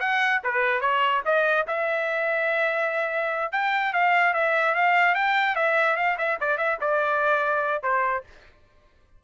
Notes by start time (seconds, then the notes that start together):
0.00 F#5
0.44 B4
0.81 C#5
1.25 D#5
1.67 E5
3.52 G5
3.93 F5
4.33 E5
4.75 F5
5.15 G5
5.55 E5
5.96 F5
6.18 E5
6.40 D5
6.57 E5
6.81 D5
7.82 C5